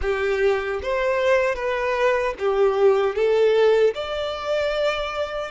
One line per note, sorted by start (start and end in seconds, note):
0.01 0.80 G4
0.82 1.55 C5
1.55 2.34 B4
2.39 3.15 G4
3.15 3.94 A4
3.94 5.51 D5